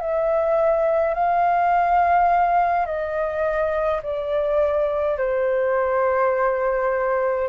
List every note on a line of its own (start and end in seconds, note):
0.00 1.14 E5
1.14 2.85 F5
2.85 4.01 D#5
4.02 5.18 D5
5.18 7.48 C5